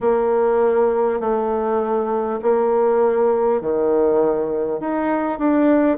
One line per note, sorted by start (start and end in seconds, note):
0.00 1.19 A#3
1.19 2.39 A3
2.42 3.61 A#3
3.61 4.80 D#3
4.80 5.38 D#4
5.38 5.97 D4